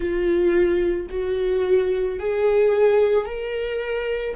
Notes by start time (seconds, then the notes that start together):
0.00 F4
1.10 F#4
2.19 G#4
3.25 A#4